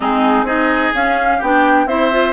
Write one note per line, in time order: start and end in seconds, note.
0.00 0.43 G#3
0.00 0.45 C4
0.00 0.45 D#4
0.00 0.46 G#4
0.43 0.90 C4
0.43 0.92 D#4
0.43 1.38 G#4
0.43 0.93 D#5
0.93 1.40 C#4
0.93 1.42 C#4
0.93 1.41 F5
1.38 1.86 B3
1.38 1.88 D4
1.38 1.84 G4
1.38 1.87 G5
1.86 2.33 C4
1.86 2.11 E4
1.86 2.33 C5
1.86 2.33 E5
2.11 2.33 F4